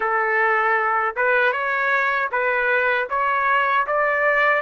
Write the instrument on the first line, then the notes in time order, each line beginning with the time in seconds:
trumpet
0.00 A4
1.15 B4
1.52 C#5
2.31 B4
3.09 C#5
3.86 D5